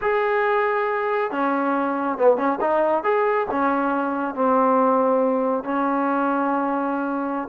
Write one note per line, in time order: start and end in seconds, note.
0.01 1.31 G#4
1.31 2.18 C#4
2.18 2.37 B3
2.37 2.58 C#4
2.60 3.03 D#4
3.03 3.47 G#4
3.50 4.34 C#4
4.34 5.64 C4
5.64 7.48 C#4